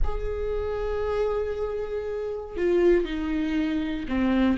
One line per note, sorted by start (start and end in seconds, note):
0.04 2.57 G#4
2.57 3.04 F4
3.04 4.06 D#4
4.08 4.57 C4